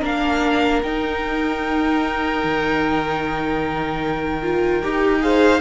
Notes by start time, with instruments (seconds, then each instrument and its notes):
0.00 cello A#3, viola D4, violin A#4 F5
0.82 cello D#4, viola D#4, violin G5
2.44 cello D#3
4.43 viola F4
4.83 cello D#4, viola G4
5.20 viola G#4, violin C5 F5